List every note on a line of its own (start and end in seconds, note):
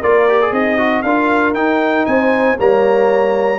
0.00 0.52 A#3
0.00 0.29 F4
0.00 0.51 A#4
0.00 0.54 D5
0.29 0.41 G4
0.41 0.79 G#4
0.52 1.03 C4
0.52 1.05 D#4
0.52 1.03 D#5
0.79 1.04 F#4
1.03 1.54 D4
1.03 1.56 F4
1.03 2.09 A#4
1.03 1.54 F5
1.54 2.06 D#4
1.54 2.58 D#4
1.54 2.06 G5
2.06 2.59 C4
2.06 2.59 C5
2.06 2.58 G#5
2.59 3.59 G3
2.59 3.59 A#3
2.59 3.59 C#5
2.59 3.59 A#5